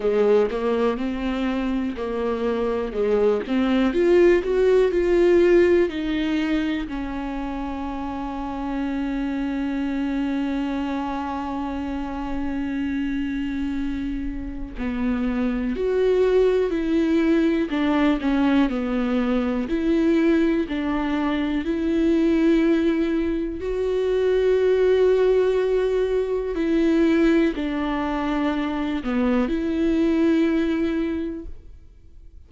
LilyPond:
\new Staff \with { instrumentName = "viola" } { \time 4/4 \tempo 4 = 61 gis8 ais8 c'4 ais4 gis8 c'8 | f'8 fis'8 f'4 dis'4 cis'4~ | cis'1~ | cis'2. b4 |
fis'4 e'4 d'8 cis'8 b4 | e'4 d'4 e'2 | fis'2. e'4 | d'4. b8 e'2 | }